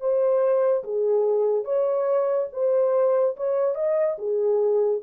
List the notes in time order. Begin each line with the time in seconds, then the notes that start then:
0.00 C5
0.84 G#4
1.64 C#5
2.52 C5
3.36 C#5
3.75 D#5
4.18 G#4